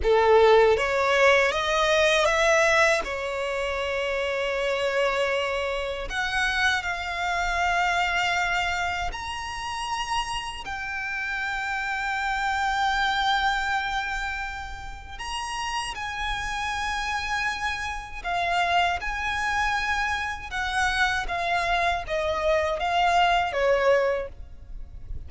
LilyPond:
\new Staff \with { instrumentName = "violin" } { \time 4/4 \tempo 4 = 79 a'4 cis''4 dis''4 e''4 | cis''1 | fis''4 f''2. | ais''2 g''2~ |
g''1 | ais''4 gis''2. | f''4 gis''2 fis''4 | f''4 dis''4 f''4 cis''4 | }